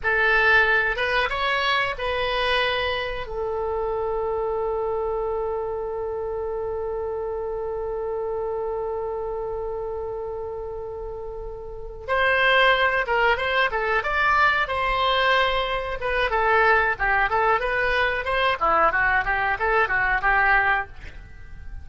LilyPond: \new Staff \with { instrumentName = "oboe" } { \time 4/4 \tempo 4 = 92 a'4. b'8 cis''4 b'4~ | b'4 a'2.~ | a'1~ | a'1~ |
a'2~ a'8 c''4. | ais'8 c''8 a'8 d''4 c''4.~ | c''8 b'8 a'4 g'8 a'8 b'4 | c''8 e'8 fis'8 g'8 a'8 fis'8 g'4 | }